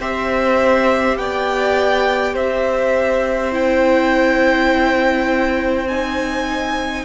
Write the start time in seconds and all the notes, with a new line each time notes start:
0.00 C4 G4 C5 E5
1.17 B3 D5 G5
2.34 C4 C5 E5
3.51 E4 G5
5.88 D#4 G#5